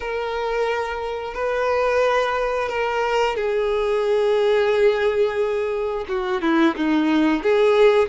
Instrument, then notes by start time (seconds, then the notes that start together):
violin
0.00 A#4
1.33 B4
2.68 A#4
3.36 G#4
6.08 F#4
6.41 E4
6.75 D#4
7.42 G#4